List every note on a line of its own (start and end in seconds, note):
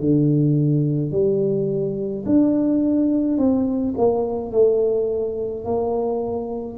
0.00 1.11 D3
1.11 2.24 G3
2.26 3.38 D4
3.38 3.94 C4
3.97 4.51 A#3
4.51 5.64 A3
5.65 6.78 A#3